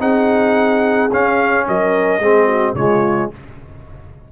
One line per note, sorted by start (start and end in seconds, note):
0.00 1.11 C4
0.00 1.10 D#4
0.00 1.66 G#4
0.00 1.11 F#5
1.12 2.22 C#4
1.12 1.68 C#4
1.12 1.68 F5
1.68 2.19 F#3
1.68 2.21 A#4
1.68 2.76 D#5
2.19 2.74 G#3
2.19 2.77 C4
2.19 2.47 G#4
2.47 2.74 F#4
2.75 3.30 C#3
2.75 3.32 G#3
2.75 3.32 F4
2.75 3.31 C#5